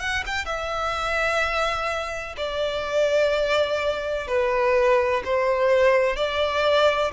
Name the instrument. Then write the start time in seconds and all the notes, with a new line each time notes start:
violin
0.00 F#5
0.26 G5
0.45 E5
2.37 D5
4.28 B4
5.25 C5
6.16 D5